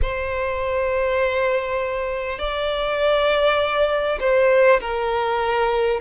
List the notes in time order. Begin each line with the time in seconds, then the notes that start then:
0.02 C5
2.38 D5
4.20 C5
4.80 A#4